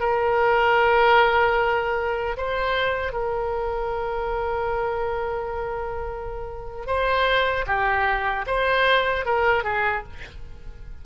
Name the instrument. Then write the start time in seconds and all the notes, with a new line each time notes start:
oboe
0.00 A#4
2.38 C5
3.13 A#4
6.87 C5
7.67 G4
8.47 C5
9.25 A#4
9.64 G#4